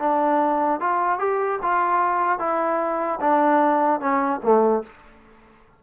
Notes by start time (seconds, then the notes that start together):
0.00 D4
0.81 F4
1.20 G4
1.63 F4
2.39 E4
3.21 D4
4.00 C#4
4.43 A3